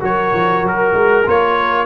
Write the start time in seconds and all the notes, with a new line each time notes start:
0.00 F#3 F#4 A#4 C#5
0.33 F3
0.62 F#3 A#4
0.94 G#3
1.26 A#3 F4 C#5